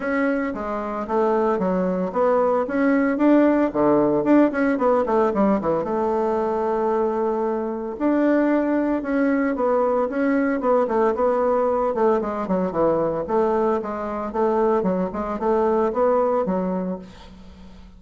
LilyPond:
\new Staff \with { instrumentName = "bassoon" } { \time 4/4 \tempo 4 = 113 cis'4 gis4 a4 fis4 | b4 cis'4 d'4 d4 | d'8 cis'8 b8 a8 g8 e8 a4~ | a2. d'4~ |
d'4 cis'4 b4 cis'4 | b8 a8 b4. a8 gis8 fis8 | e4 a4 gis4 a4 | fis8 gis8 a4 b4 fis4 | }